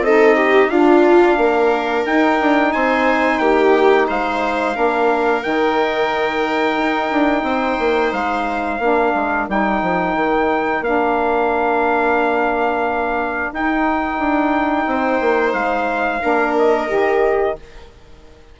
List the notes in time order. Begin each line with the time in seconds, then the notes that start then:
0.00 C4 D#4 A4 D#5
0.36 G4
0.70 D4 F4 F5
1.37 A#3 A#4
2.05 D#4 G5
2.40 D4
2.72 C4 C5 G#5
3.39 A#3 G4 G5
4.08 G#3 C5 F5
4.74 A#3 D4 A#4
5.42 D#3 D#4 G5
6.77 D#4
7.11 D4
7.43 C4 C5
7.79 A#3
8.12 G#3 F5
8.79 A#3 D4 A#4
9.15 G#3
9.48 G3 D#4 G5
9.82 F3
10.15 D#3
10.80 A#3 D4 F5
13.52 D#4 G5
14.19 D4
14.86 C4 C5
15.21 A#3
15.53 G#3 F5
16.21 A#3 D4 A#4
16.58 D#5
16.87 D#3 G4